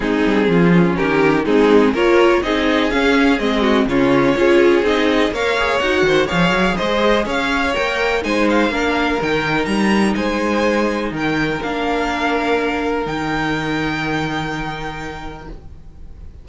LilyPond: <<
  \new Staff \with { instrumentName = "violin" } { \time 4/4 \tempo 4 = 124 gis'2 ais'4 gis'4 | cis''4 dis''4 f''4 dis''4 | cis''2 dis''4 f''4 | fis''4 f''4 dis''4 f''4 |
g''4 gis''8 f''4. g''4 | ais''4 gis''2 g''4 | f''2. g''4~ | g''1 | }
  \new Staff \with { instrumentName = "violin" } { \time 4/4 dis'4 f'4 g'4 dis'4 | ais'4 gis'2~ gis'8 fis'8 | f'4 gis'2 cis''4~ | cis''8 c''8 cis''4 c''4 cis''4~ |
cis''4 c''4 ais'2~ | ais'4 c''2 ais'4~ | ais'1~ | ais'1 | }
  \new Staff \with { instrumentName = "viola" } { \time 4/4 c'4. cis'4. c'4 | f'4 dis'4 cis'4 c'4 | cis'4 f'4 dis'4 ais'8 gis'8 | fis'4 gis'2. |
ais'4 dis'4 d'4 dis'4~ | dis'1 | d'2. dis'4~ | dis'1 | }
  \new Staff \with { instrumentName = "cello" } { \time 4/4 gis8 g8 f4 dis4 gis4 | ais4 c'4 cis'4 gis4 | cis4 cis'4 c'4 ais4 | dis'8 dis8 f8 fis8 gis4 cis'4 |
ais4 gis4 ais4 dis4 | g4 gis2 dis4 | ais2. dis4~ | dis1 | }
>>